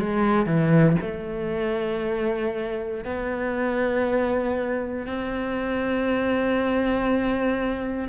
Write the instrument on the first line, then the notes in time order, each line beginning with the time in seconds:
cello
0.00 G#3
0.46 E3
1.02 A3
3.05 B3
5.07 C4